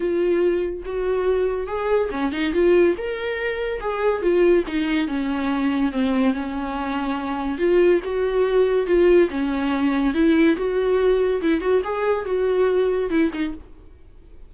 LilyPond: \new Staff \with { instrumentName = "viola" } { \time 4/4 \tempo 4 = 142 f'2 fis'2 | gis'4 cis'8 dis'8 f'4 ais'4~ | ais'4 gis'4 f'4 dis'4 | cis'2 c'4 cis'4~ |
cis'2 f'4 fis'4~ | fis'4 f'4 cis'2 | e'4 fis'2 e'8 fis'8 | gis'4 fis'2 e'8 dis'8 | }